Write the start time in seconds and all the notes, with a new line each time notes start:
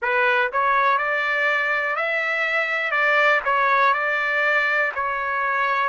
0.02 B4
0.52 C#5
0.97 D5
1.96 E5
2.91 D5
3.44 C#5
3.93 D5
4.94 C#5